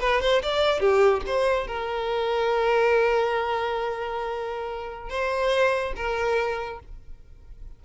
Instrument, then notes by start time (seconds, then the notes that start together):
violin
0.00 B4
0.21 C5
0.42 D5
0.80 G4
1.26 C5
1.67 A#4
5.09 C5
5.95 A#4